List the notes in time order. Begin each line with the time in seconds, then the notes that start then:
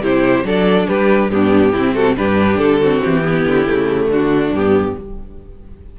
0.00 C3 E4 G4 C5
0.44 F#3 D4 A4 D5
0.88 G3 G4 B4
1.29 G2 B3 D4 G4
1.72 C3 C4 E4
1.94 F#4 A4
2.16 G2 D4 G4 B4
2.57 D3 A4
2.80 C4 F#4
3.02 E3 G4
3.22 B3 E4
3.46 D3
3.67 C#3 A3
4.07 D3 D4 F#4
4.51 G2 B3 G4